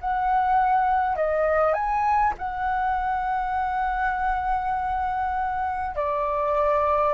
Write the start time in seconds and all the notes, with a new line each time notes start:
0.00 F#5
1.16 D#5
1.73 G#5
2.38 F#5
5.96 D5